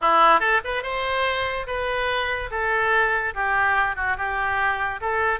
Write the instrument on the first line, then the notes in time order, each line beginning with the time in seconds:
oboe
0.01 E4
0.40 A4
0.64 B4
0.83 C5
1.66 B4
2.50 A4
3.34 G4
3.95 F#4
4.17 G4
5.00 A4